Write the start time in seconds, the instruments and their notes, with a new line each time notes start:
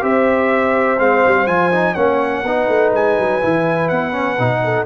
0.00 tuba C4, trombone G4, horn C5, trumpet E5
0.98 tuba G#3, trombone C4, trumpet F5
1.26 tuba G3
1.46 tuba F3, trombone F4, trumpet G#5
1.71 trombone D#4
1.94 tuba A#3, trombone C#4, horn C#5, trumpet F#5
2.43 tuba B3, trombone D#4, horn B4
2.68 tuba A3
2.92 tuba G#3, trumpet G#5
3.18 tuba F#3
3.41 tuba E3, trombone E4
3.88 tuba B3, trumpet F#5
4.12 trombone C#4
4.38 tuba B2, trombone D#4
4.63 horn A4